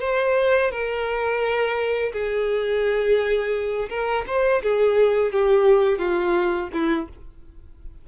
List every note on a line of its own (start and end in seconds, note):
0.00 0.71 C5
0.71 2.12 A#4
2.12 3.89 G#4
3.89 4.24 A#4
4.27 4.62 C5
4.62 5.32 G#4
5.32 5.98 G4
5.98 6.69 F4
6.73 7.08 E4